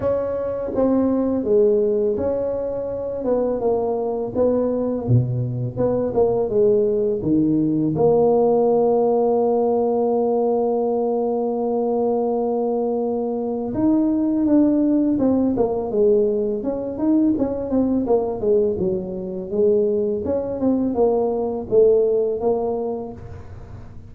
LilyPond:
\new Staff \with { instrumentName = "tuba" } { \time 4/4 \tempo 4 = 83 cis'4 c'4 gis4 cis'4~ | cis'8 b8 ais4 b4 b,4 | b8 ais8 gis4 dis4 ais4~ | ais1~ |
ais2. dis'4 | d'4 c'8 ais8 gis4 cis'8 dis'8 | cis'8 c'8 ais8 gis8 fis4 gis4 | cis'8 c'8 ais4 a4 ais4 | }